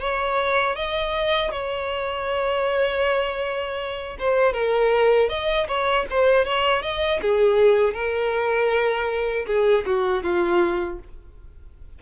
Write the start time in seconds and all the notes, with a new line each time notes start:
0.00 C#5
0.76 D#5
1.51 C#5
4.19 C5
4.53 A#4
5.29 D#5
5.68 C#5
6.10 C5
6.45 C#5
6.82 D#5
7.22 G#4
7.94 A#4
9.47 G#4
9.86 F#4
10.23 F4